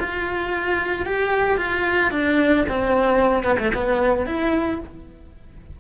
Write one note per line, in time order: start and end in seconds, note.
0.00 1.06 F4
1.06 1.58 G4
1.58 2.11 F4
2.11 2.65 D4
2.69 3.44 C4
3.44 3.57 B3
3.59 3.73 A3
3.75 4.26 B3
4.26 4.80 E4